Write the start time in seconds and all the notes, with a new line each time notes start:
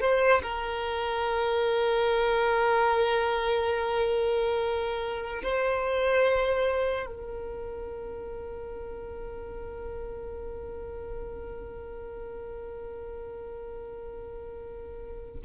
0.00 C5
0.42 A#4
5.42 C5
7.06 A#4